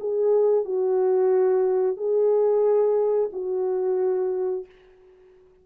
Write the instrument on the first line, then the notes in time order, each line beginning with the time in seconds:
horn
0.00 G#4
0.65 F#4
1.96 G#4
3.32 F#4